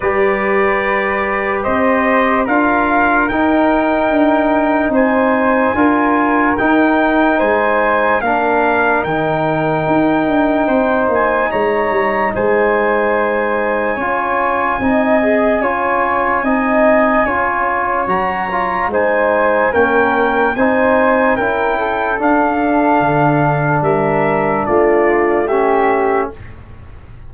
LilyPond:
<<
  \new Staff \with { instrumentName = "trumpet" } { \time 4/4 \tempo 4 = 73 d''2 dis''4 f''4 | g''2 gis''2 | g''4 gis''4 f''4 g''4~ | g''4. gis''8 ais''4 gis''4~ |
gis''1~ | gis''2 ais''4 gis''4 | g''4 gis''4 g''4 f''4~ | f''4 e''4 d''4 e''4 | }
  \new Staff \with { instrumentName = "flute" } { \time 4/4 b'2 c''4 ais'4~ | ais'2 c''4 ais'4~ | ais'4 c''4 ais'2~ | ais'4 c''4 cis''4 c''4~ |
c''4 cis''4 dis''4 cis''4 | dis''4 cis''2 c''4 | ais'4 c''4 ais'8 a'4.~ | a'4 ais'4 f'4 g'4 | }
  \new Staff \with { instrumentName = "trombone" } { \time 4/4 g'2. f'4 | dis'2. f'4 | dis'2 d'4 dis'4~ | dis'1~ |
dis'4 f'4 dis'8 gis'8 f'4 | dis'4 f'4 fis'8 f'8 dis'4 | cis'4 dis'4 e'4 d'4~ | d'2. cis'4 | }
  \new Staff \with { instrumentName = "tuba" } { \time 4/4 g2 c'4 d'4 | dis'4 d'4 c'4 d'4 | dis'4 gis4 ais4 dis4 | dis'8 d'8 c'8 ais8 gis8 g8 gis4~ |
gis4 cis'4 c'4 cis'4 | c'4 cis'4 fis4 gis4 | ais4 c'4 cis'4 d'4 | d4 g4 a2 | }
>>